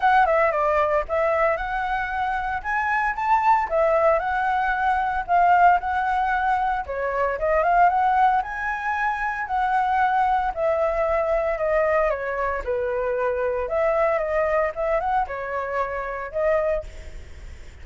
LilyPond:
\new Staff \with { instrumentName = "flute" } { \time 4/4 \tempo 4 = 114 fis''8 e''8 d''4 e''4 fis''4~ | fis''4 gis''4 a''4 e''4 | fis''2 f''4 fis''4~ | fis''4 cis''4 dis''8 f''8 fis''4 |
gis''2 fis''2 | e''2 dis''4 cis''4 | b'2 e''4 dis''4 | e''8 fis''8 cis''2 dis''4 | }